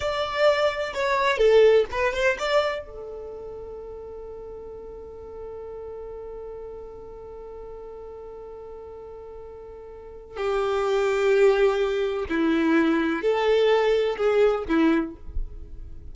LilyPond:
\new Staff \with { instrumentName = "violin" } { \time 4/4 \tempo 4 = 127 d''2 cis''4 a'4 | b'8 c''8 d''4 a'2~ | a'1~ | a'1~ |
a'1~ | a'2 g'2~ | g'2 e'2 | a'2 gis'4 e'4 | }